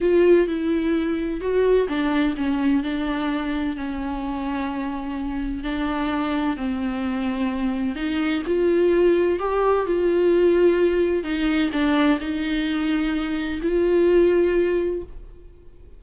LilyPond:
\new Staff \with { instrumentName = "viola" } { \time 4/4 \tempo 4 = 128 f'4 e'2 fis'4 | d'4 cis'4 d'2 | cis'1 | d'2 c'2~ |
c'4 dis'4 f'2 | g'4 f'2. | dis'4 d'4 dis'2~ | dis'4 f'2. | }